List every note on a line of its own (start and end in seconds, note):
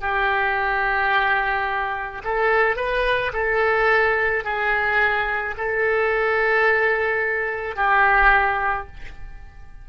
0.00 2.22 G4
2.24 2.76 A4
2.76 3.32 B4
3.33 4.44 A4
4.44 5.55 G#4
5.57 7.76 A4
7.76 8.87 G4